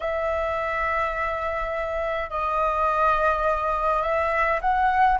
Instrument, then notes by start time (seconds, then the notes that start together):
flute
0.00 E5
2.29 D#5
4.02 E5
4.61 F#5